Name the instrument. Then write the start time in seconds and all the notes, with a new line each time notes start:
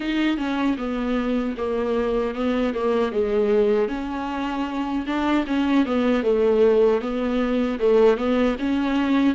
viola
0.00 D#4
0.37 C#4
0.77 B3
1.57 A#3
2.34 B3
2.74 A#3
3.12 G#3
3.88 C#4
5.06 D4
5.47 C#4
5.85 B3
6.23 A3
7.01 B3
7.79 A3
8.17 B3
8.59 C#4